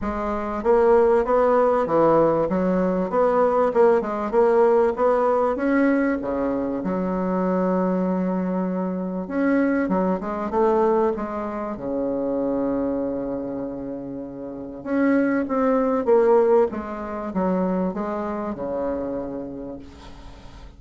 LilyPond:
\new Staff \with { instrumentName = "bassoon" } { \time 4/4 \tempo 4 = 97 gis4 ais4 b4 e4 | fis4 b4 ais8 gis8 ais4 | b4 cis'4 cis4 fis4~ | fis2. cis'4 |
fis8 gis8 a4 gis4 cis4~ | cis1 | cis'4 c'4 ais4 gis4 | fis4 gis4 cis2 | }